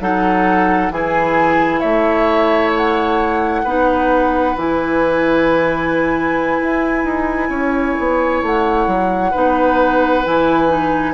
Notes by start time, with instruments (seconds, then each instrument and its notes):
0.00 bassoon F#3, clarinet D#4, oboe A4, flute F#5
0.90 bassoon E3, clarinet E4, oboe G#4, flute G#5
1.80 bassoon A3, oboe C#5, flute E5
2.76 flute F#5
3.63 bassoon B3, clarinet D#4, oboe B4
4.56 bassoon E3, clarinet E4, flute G#5
6.61 bassoon E4
7.04 bassoon D#4
7.49 bassoon C#4, oboe C#5
7.99 bassoon B3
8.42 bassoon A3, flute F#5
8.87 bassoon F#3
9.31 bassoon B3, clarinet D#4, oboe B4
10.24 bassoon E3, clarinet E4, flute G#5
10.68 clarinet D#4